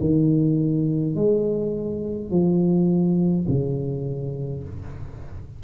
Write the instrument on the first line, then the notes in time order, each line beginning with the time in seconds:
tuba
0.00 D#3
1.15 G#3
2.31 F3
3.48 C#3